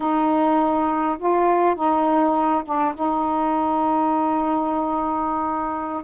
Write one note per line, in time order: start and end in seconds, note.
0.00 1.17 D#4
1.18 1.75 F4
1.75 2.63 D#4
2.64 2.94 D4
2.94 6.03 D#4